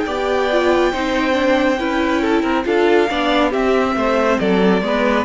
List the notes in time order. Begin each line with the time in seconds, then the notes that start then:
0.00 D5 G5
0.06 B3 G4
0.52 F4
0.92 C4 D#4 C5
1.32 D4
1.79 C#4 E4 B4
2.21 A4
2.42 C4 A#4
2.64 D4 F4 A4 F5
3.09 B3 D4 D5
3.50 C4 G4 E5
3.96 A3 C5
4.39 F#3 A4 D5
4.81 G#3 B3 B4